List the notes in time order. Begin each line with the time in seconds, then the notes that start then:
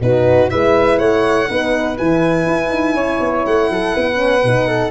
0.00 B2 D#4 F#4 B4
0.48 G#3 E4 B4 E5
0.98 A3 C#5 F#5
1.48 B3 D#4 B4
1.97 E3 E4 G#5
2.46 E4
2.69 D#4
2.94 C#4 C#5
3.19 B3
3.45 A3 F#5
3.69 F#3 A4
3.94 B3 B4
4.15 C#4
4.43 B2 D#4
4.67 A4